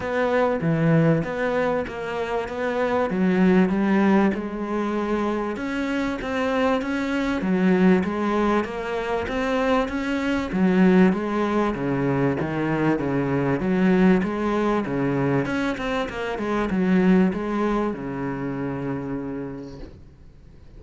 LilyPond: \new Staff \with { instrumentName = "cello" } { \time 4/4 \tempo 4 = 97 b4 e4 b4 ais4 | b4 fis4 g4 gis4~ | gis4 cis'4 c'4 cis'4 | fis4 gis4 ais4 c'4 |
cis'4 fis4 gis4 cis4 | dis4 cis4 fis4 gis4 | cis4 cis'8 c'8 ais8 gis8 fis4 | gis4 cis2. | }